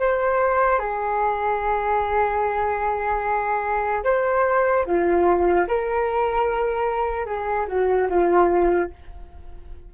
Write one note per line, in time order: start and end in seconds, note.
0.00 0.79 C5
0.79 4.04 G#4
4.04 4.85 C5
4.86 5.67 F4
5.68 7.26 A#4
7.26 7.66 G#4
7.68 8.08 F#4
8.09 8.90 F4